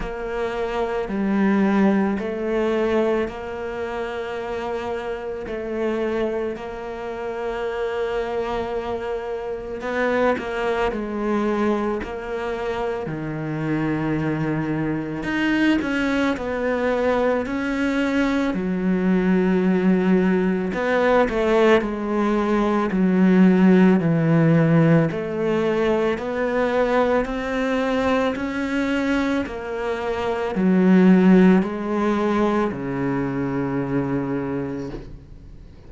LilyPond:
\new Staff \with { instrumentName = "cello" } { \time 4/4 \tempo 4 = 55 ais4 g4 a4 ais4~ | ais4 a4 ais2~ | ais4 b8 ais8 gis4 ais4 | dis2 dis'8 cis'8 b4 |
cis'4 fis2 b8 a8 | gis4 fis4 e4 a4 | b4 c'4 cis'4 ais4 | fis4 gis4 cis2 | }